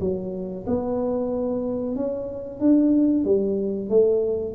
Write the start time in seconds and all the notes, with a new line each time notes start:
0.00 F#3
0.67 B3
1.96 C#4
2.60 D4
3.25 G3
3.89 A3